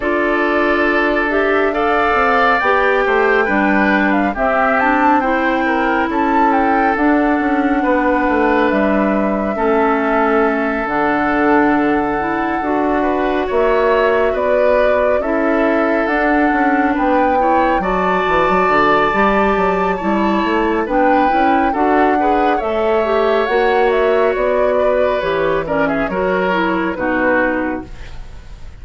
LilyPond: <<
  \new Staff \with { instrumentName = "flute" } { \time 4/4 \tempo 4 = 69 d''4. e''8 f''4 g''4~ | g''8. f''16 e''8 a''8 g''4 a''8 g''8 | fis''2 e''2~ | e''8 fis''2. e''8~ |
e''8 d''4 e''4 fis''4 g''8~ | g''8 a''2.~ a''8 | g''4 fis''4 e''4 fis''8 e''8 | d''4 cis''8 d''16 e''16 cis''4 b'4 | }
  \new Staff \with { instrumentName = "oboe" } { \time 4/4 a'2 d''4. c''8 | b'4 g'4 c''8 ais'8 a'4~ | a'4 b'2 a'4~ | a'2. b'8 cis''8~ |
cis''8 b'4 a'2 b'8 | cis''8 d''2~ d''8 cis''4 | b'4 a'8 b'8 cis''2~ | cis''8 b'4 ais'16 gis'16 ais'4 fis'4 | }
  \new Staff \with { instrumentName = "clarinet" } { \time 4/4 f'4. g'8 a'4 g'4 | d'4 c'8 d'8 e'2 | d'2. cis'4~ | cis'8 d'4. e'8 fis'4.~ |
fis'4. e'4 d'4. | e'8 fis'4. g'4 e'4 | d'8 e'8 fis'8 gis'8 a'8 g'8 fis'4~ | fis'4 g'8 cis'8 fis'8 e'8 dis'4 | }
  \new Staff \with { instrumentName = "bassoon" } { \time 4/4 d'2~ d'8 c'8 b8 a8 | g4 c'2 cis'4 | d'8 cis'8 b8 a8 g4 a4~ | a8 d2 d'4 ais8~ |
ais8 b4 cis'4 d'8 cis'8 b8~ | b8 fis8 e16 fis16 d8 g8 fis8 g8 a8 | b8 cis'8 d'4 a4 ais4 | b4 e4 fis4 b,4 | }
>>